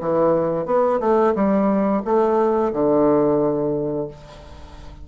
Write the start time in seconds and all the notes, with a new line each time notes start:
0.00 E3
0.65 B3
1.00 A3
1.35 G3
2.04 A3
2.72 D3